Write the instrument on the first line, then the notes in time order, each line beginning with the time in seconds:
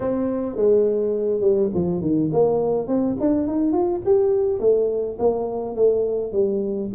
tuba
0.00 C4
0.56 G#3
1.41 G3
1.74 F3
2.01 D#3
2.32 A#3
2.87 C4
3.19 D4
3.47 D#4
3.72 F4
4.05 G4
4.59 A3
5.18 A#3
5.75 A3
6.32 G3